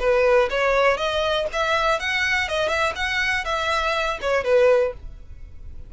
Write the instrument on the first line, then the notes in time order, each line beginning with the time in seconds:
violin
0.00 B4
0.50 C#5
0.97 D#5
1.53 E5
2.00 F#5
2.49 D#5
2.69 E5
2.96 F#5
3.45 E5
4.22 C#5
4.44 B4